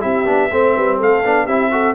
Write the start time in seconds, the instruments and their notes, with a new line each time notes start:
0.00 tuba C4, trombone E4, horn G4, trumpet E5
0.25 tuba B3, trombone D4
0.51 tuba A3, trombone C4, horn C5
0.74 tuba G3, horn B4
0.96 tuba A3, horn A4, trumpet F5
1.24 tuba B3, trombone D4
1.45 tuba C4, trombone E4, horn G4, trumpet E5
1.71 trombone F#4, horn A4